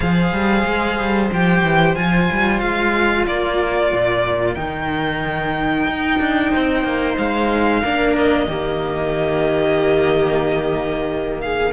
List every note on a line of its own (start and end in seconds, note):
0.00 0.32 F3
0.00 1.30 G#4
0.00 3.26 C5
0.00 1.29 F5
0.32 0.64 G3
0.65 0.97 G#3
0.97 1.30 G3
1.31 1.62 F3
1.31 1.96 G4
1.31 1.95 G5
1.62 1.95 E3
1.95 2.30 F3
1.95 4.56 F4
1.95 2.60 G#5
2.31 2.62 G3
2.60 3.27 G#3
2.60 3.25 F5
3.26 3.92 A#3
3.26 6.50 A#4
3.26 4.54 D5
3.92 4.56 A#2
4.54 5.87 D#3
4.54 7.82 D#4
4.54 7.15 G5
5.87 6.19 D#4
6.19 6.51 D4
6.50 6.83 C4
6.50 7.81 C5
6.83 7.16 A#3
7.18 7.83 G#3
7.18 8.15 F5
7.82 8.47 A#3
7.82 8.49 D4
7.82 8.47 A#4
8.17 11.40 D#5
8.47 11.72 D#3
8.47 11.72 A#3
8.47 11.42 G4
11.40 11.72 G#4
11.40 11.72 F5